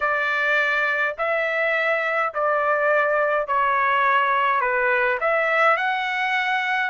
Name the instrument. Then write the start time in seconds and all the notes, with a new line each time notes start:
trumpet
0.00 D5
1.18 E5
2.33 D5
3.47 C#5
4.60 B4
5.20 E5
5.76 F#5